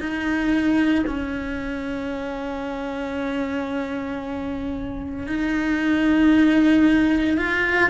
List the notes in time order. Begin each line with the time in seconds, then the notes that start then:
0.00 D#4
1.06 C#4
5.27 D#4
7.38 F4